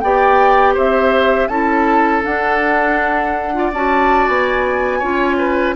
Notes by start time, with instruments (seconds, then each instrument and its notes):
0.00 bassoon B3, clarinet G4, oboe D5, flute G5
0.74 bassoon C4, oboe C5, flute E5
1.48 bassoon C#4, clarinet E4, oboe A4, flute A5
2.23 clarinet D4, bassoon D4, flute F#5
3.53 clarinet F4, oboe D5
3.73 bassoon C#4, clarinet F#4, flute A5
4.28 bassoon B3, flute G#5
4.99 bassoon C#4, clarinet F4, oboe C#5
5.38 oboe B4